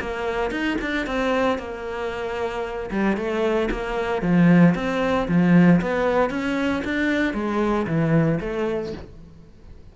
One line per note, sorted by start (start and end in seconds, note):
0.00 0.51 A#3
0.51 0.77 D#4
0.81 1.06 D4
1.06 1.58 C4
1.58 2.90 A#3
2.90 3.16 G3
3.16 3.69 A3
3.70 4.22 A#3
4.22 4.74 F3
4.75 5.27 C4
5.28 5.80 F3
5.81 6.30 B3
6.30 6.82 C#4
6.84 7.33 D4
7.33 7.86 G#3
7.86 8.39 E3
8.40 8.93 A3